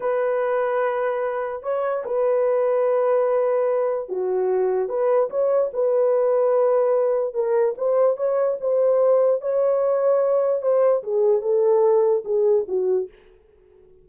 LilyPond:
\new Staff \with { instrumentName = "horn" } { \time 4/4 \tempo 4 = 147 b'1 | cis''4 b'2.~ | b'2 fis'2 | b'4 cis''4 b'2~ |
b'2 ais'4 c''4 | cis''4 c''2 cis''4~ | cis''2 c''4 gis'4 | a'2 gis'4 fis'4 | }